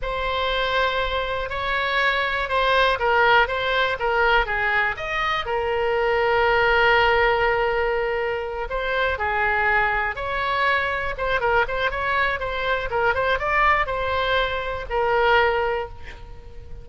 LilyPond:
\new Staff \with { instrumentName = "oboe" } { \time 4/4 \tempo 4 = 121 c''2. cis''4~ | cis''4 c''4 ais'4 c''4 | ais'4 gis'4 dis''4 ais'4~ | ais'1~ |
ais'4. c''4 gis'4.~ | gis'8 cis''2 c''8 ais'8 c''8 | cis''4 c''4 ais'8 c''8 d''4 | c''2 ais'2 | }